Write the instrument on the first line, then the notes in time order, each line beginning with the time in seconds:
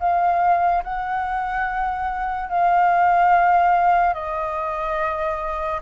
flute
0.00 F5
0.84 F#5
2.50 F5
4.14 D#5